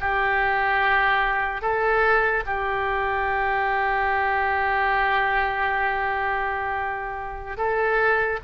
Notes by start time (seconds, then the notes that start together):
0.00 G4
1.61 A4
2.46 G4
7.57 A4